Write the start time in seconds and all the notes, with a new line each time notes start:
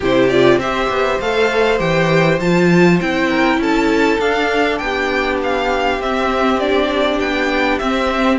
0.00 C3 E4 G4 C5
0.29 F4 D5
0.57 C4 G4 C5 E5
0.89 B3
1.19 A3 A4 F5
1.78 E3 G4 G5
2.40 F3 F4 A5
3.00 C4 E4 G5
3.29 A#4
3.57 C#4 A4 A5
4.19 D4 F5
4.78 B3 G5
4.84 G4
5.43 F5
5.99 C4 E5
6.59 D4 D5
7.19 B3 G5
7.78 C4 E5